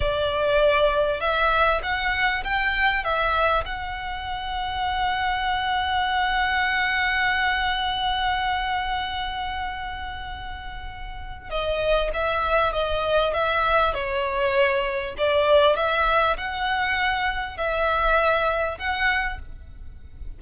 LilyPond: \new Staff \with { instrumentName = "violin" } { \time 4/4 \tempo 4 = 99 d''2 e''4 fis''4 | g''4 e''4 fis''2~ | fis''1~ | fis''1~ |
fis''2. dis''4 | e''4 dis''4 e''4 cis''4~ | cis''4 d''4 e''4 fis''4~ | fis''4 e''2 fis''4 | }